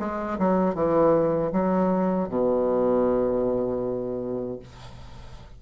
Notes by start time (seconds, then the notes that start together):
0.00 G#3
0.39 F#3
0.75 E3
1.52 F#3
2.29 B2